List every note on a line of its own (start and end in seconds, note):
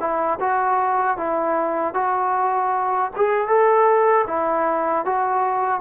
0.00 0.39 E4
0.40 1.17 F#4
1.17 1.94 E4
1.94 3.11 F#4
3.16 3.48 G#4
3.48 4.26 A4
4.28 5.05 E4
5.06 5.81 F#4